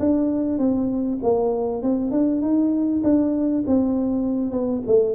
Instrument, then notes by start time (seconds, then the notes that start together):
tuba
0.00 D4
0.59 C4
1.23 A#3
1.83 C4
2.12 D4
2.42 D#4
3.04 D4
3.67 C4
4.52 B3
4.87 A3